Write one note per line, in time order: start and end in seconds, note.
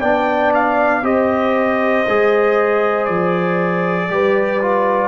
0.00 1.03 B3
0.00 1.03 D4
0.00 1.02 D5
0.00 0.52 G5
0.54 1.05 F5
1.03 2.04 C4
1.03 2.05 G4
1.03 4.08 C5
1.03 3.05 D#5
2.08 3.08 G#3
2.08 4.10 G#4
3.05 4.10 F3
3.05 5.08 D5
4.10 5.08 G3
4.10 4.60 G4
4.10 5.08 B4
4.62 5.08 F4